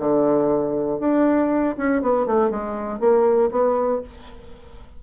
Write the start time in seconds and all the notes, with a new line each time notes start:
0.00 D3
1.00 D4
1.78 C#4
2.02 B3
2.27 A3
2.50 G#3
3.00 A#3
3.52 B3